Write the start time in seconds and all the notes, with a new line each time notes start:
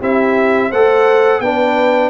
0.00 C4 E4 G4 E5
0.69 A3 A4 C5 F#5
1.40 B3 D4 B4 G5